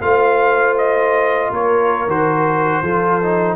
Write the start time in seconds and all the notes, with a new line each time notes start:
0.00 A3 F4 C5 F5
0.77 D#5
1.50 A#3 A#4 C#5
2.06 D#3 F#4 C5
2.81 F3 F4 A4
3.22 D#4